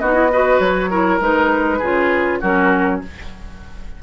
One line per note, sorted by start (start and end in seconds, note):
0.00 0.60 B3
0.00 0.14 D#4
0.00 0.32 F#4
0.00 0.60 D#5
0.14 0.29 E4
0.33 0.91 F#4
0.33 0.91 B4
0.60 1.20 F#3
0.60 1.20 C#5
0.91 1.21 E4
0.91 1.79 A#4
1.21 1.80 G#3
1.21 1.81 D#4
1.21 2.42 B4
1.79 2.43 C#3
1.79 2.43 F4
1.79 2.39 G#4
2.41 3.03 F#3
2.41 3.03 C#4
2.41 3.01 F#4
2.41 3.02 A#4